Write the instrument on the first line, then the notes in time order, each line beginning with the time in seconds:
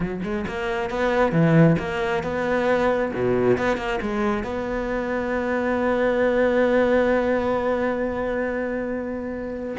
cello
0.00 F#3
0.23 G#3
0.47 A#3
0.90 B3
1.32 E3
1.78 A#3
2.23 B3
3.14 B2
3.57 B3
3.77 A#3
4.01 G#3
4.43 B3